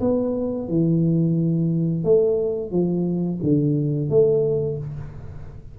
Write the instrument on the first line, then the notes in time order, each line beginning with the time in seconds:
tuba
0.00 B3
0.68 E3
2.04 A3
2.71 F3
3.42 D3
4.09 A3